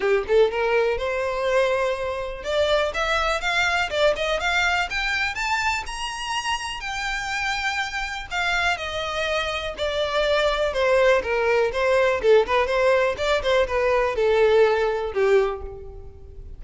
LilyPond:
\new Staff \with { instrumentName = "violin" } { \time 4/4 \tempo 4 = 123 g'8 a'8 ais'4 c''2~ | c''4 d''4 e''4 f''4 | d''8 dis''8 f''4 g''4 a''4 | ais''2 g''2~ |
g''4 f''4 dis''2 | d''2 c''4 ais'4 | c''4 a'8 b'8 c''4 d''8 c''8 | b'4 a'2 g'4 | }